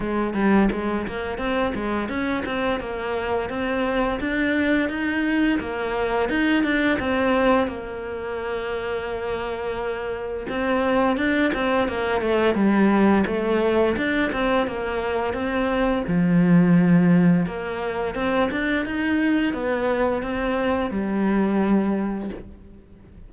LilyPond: \new Staff \with { instrumentName = "cello" } { \time 4/4 \tempo 4 = 86 gis8 g8 gis8 ais8 c'8 gis8 cis'8 c'8 | ais4 c'4 d'4 dis'4 | ais4 dis'8 d'8 c'4 ais4~ | ais2. c'4 |
d'8 c'8 ais8 a8 g4 a4 | d'8 c'8 ais4 c'4 f4~ | f4 ais4 c'8 d'8 dis'4 | b4 c'4 g2 | }